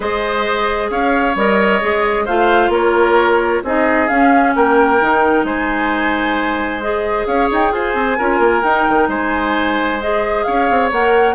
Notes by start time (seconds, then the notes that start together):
0.00 G#3 G#4 C5 D#5
0.90 C#4 C#5 F5
1.35 G3 A#4 D#5
1.81 G#3 G#4
2.24 A3 F4 C5 F5
2.69 A#3 A#4 C#5
3.63 C4 D#4 G#4 D#5
4.07 C#4 F5
4.55 A#3 A#4 G5
5.00 D#3 D#4
5.43 G#3 C5 G#5
6.80 G#4 D#5
7.26 C#4 C#5 F5
7.51 D#4 G5
7.71 F4 C5 G#5
7.94 C4
8.18 C#4 F4 A#4
8.39 A#3
8.62 D#4 G5
8.88 D#3
9.08 G#3 C5 G#5
10.01 G#4 D#5
10.43 C#4 C#5 F5
10.70 C4
10.91 A#3 A#4 F#5